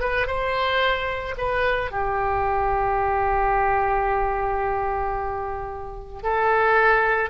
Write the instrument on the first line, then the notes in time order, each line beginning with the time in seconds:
oboe
0.00 B4
0.27 C5
1.38 B4
1.91 G4
6.22 A4